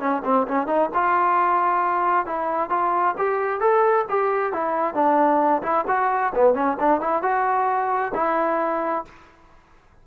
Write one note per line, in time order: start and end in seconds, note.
0.00 0.23 C#4
0.25 0.47 C4
0.48 0.67 C#4
0.67 0.90 D#4
0.95 2.27 F4
2.27 2.70 E4
2.70 3.15 F4
3.18 3.61 G4
3.61 4.06 A4
4.10 4.53 G4
4.53 4.95 E4
4.95 5.63 D4
5.63 5.85 E4
5.88 6.33 F#4
6.35 6.55 B3
6.55 6.77 C#4
6.80 7.01 D4
7.01 7.23 E4
7.23 8.13 F#4
8.15 9.05 E4